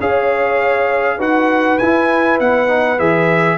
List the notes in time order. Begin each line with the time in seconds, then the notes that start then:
0.00 C#4 G#4 C#5 F5
1.17 D#4 F#4 B4 F#5
1.78 E4 G#5
2.40 B3 F#5
2.67 D#4
2.98 E3 G#4 E5